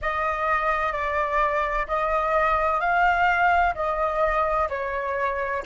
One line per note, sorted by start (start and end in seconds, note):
0.01 0.92 D#5
0.92 1.86 D5
1.87 2.80 D#5
2.80 3.74 F5
3.74 4.68 D#5
4.69 5.62 C#5